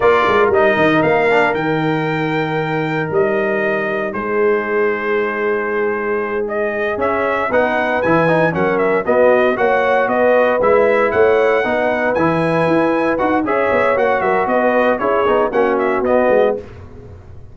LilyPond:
<<
  \new Staff \with { instrumentName = "trumpet" } { \time 4/4 \tempo 4 = 116 d''4 dis''4 f''4 g''4~ | g''2 dis''2 | c''1~ | c''8 dis''4 e''4 fis''4 gis''8~ |
gis''8 fis''8 e''8 dis''4 fis''4 dis''8~ | dis''8 e''4 fis''2 gis''8~ | gis''4. fis''8 e''4 fis''8 e''8 | dis''4 cis''4 fis''8 e''8 dis''4 | }
  \new Staff \with { instrumentName = "horn" } { \time 4/4 ais'1~ | ais'1 | gis'1~ | gis'2~ gis'8 b'4.~ |
b'8 ais'4 fis'4 cis''4 b'8~ | b'4. cis''4 b'4.~ | b'2 cis''4. ais'8 | b'4 gis'4 fis'2 | }
  \new Staff \with { instrumentName = "trombone" } { \time 4/4 f'4 dis'4. d'8 dis'4~ | dis'1~ | dis'1~ | dis'4. cis'4 dis'4 e'8 |
dis'8 cis'4 b4 fis'4.~ | fis'8 e'2 dis'4 e'8~ | e'4. fis'8 gis'4 fis'4~ | fis'4 e'8 dis'8 cis'4 b4 | }
  \new Staff \with { instrumentName = "tuba" } { \time 4/4 ais8 gis8 g8 dis8 ais4 dis4~ | dis2 g2 | gis1~ | gis4. cis'4 b4 e8~ |
e8 fis4 b4 ais4 b8~ | b8 gis4 a4 b4 e8~ | e8 e'4 dis'8 cis'8 b8 ais8 fis8 | b4 cis'8 b8 ais4 b8 gis8 | }
>>